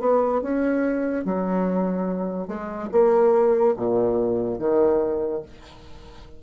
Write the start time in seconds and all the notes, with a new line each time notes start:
0.00 B3
0.42 C#4
1.25 F#3
2.48 G#3
2.92 A#3
3.77 A#2
4.59 D#3